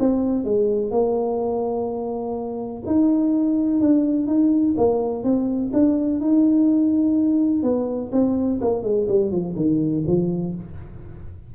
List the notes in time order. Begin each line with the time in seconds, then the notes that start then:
0.00 C4
0.45 G#3
0.91 A#3
2.86 D#4
3.81 D4
4.27 D#4
4.78 A#3
5.24 C4
5.74 D4
6.21 D#4
7.63 B3
8.13 C4
8.62 A#3
8.83 G#3
9.09 G3
9.31 F3
9.56 D#3
10.07 F3